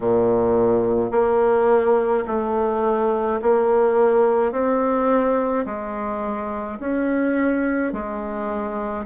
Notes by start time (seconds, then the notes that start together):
0.00 A#2
1.11 A#3
2.27 A3
3.42 A#3
4.52 C4
5.65 G#3
6.79 C#4
7.92 G#3